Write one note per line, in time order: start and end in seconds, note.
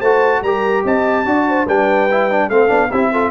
0.00 0.42 A3
0.00 0.46 F#4
0.00 0.41 C5
0.00 0.43 A5
0.42 0.84 G3
0.42 1.26 G4
0.42 0.85 A#4
0.42 0.85 A#5
0.85 1.26 C4
0.85 1.26 D#5
0.85 1.69 A5
1.26 1.67 D4
1.26 1.67 F#4
1.26 1.48 D5
1.49 1.67 C5
1.67 2.49 G3
1.67 2.10 D4
1.67 2.50 B4
1.67 2.50 G5
2.11 2.31 E4
2.31 2.51 D4
2.49 2.70 A3
2.49 2.68 C4
2.49 2.91 A4
2.49 2.92 F5
2.68 2.91 B3
2.68 2.89 D4
2.91 3.31 C4
2.91 3.14 E4
2.91 3.11 G4
2.91 3.31 E5
3.13 3.31 F4
3.13 3.31 A4